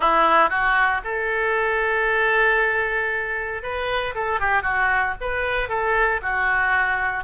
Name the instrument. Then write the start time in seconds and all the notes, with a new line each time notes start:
oboe
0.00 E4
0.49 F#4
1.04 A4
3.62 B4
4.14 A4
4.39 G4
4.62 F#4
5.20 B4
5.68 A4
6.21 F#4